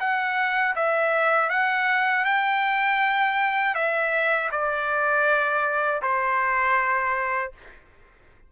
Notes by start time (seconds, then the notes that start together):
0.00 F#5
0.76 E5
1.50 F#5
2.25 G5
3.75 E5
4.52 D5
6.02 C5